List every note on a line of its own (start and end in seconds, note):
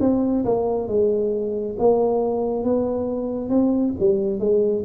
0.00 0.44 C4
0.45 0.87 A#3
0.87 1.76 G#3
1.78 2.64 A#3
2.64 3.49 B3
3.49 3.93 C4
3.99 4.39 G3
4.39 4.83 G#3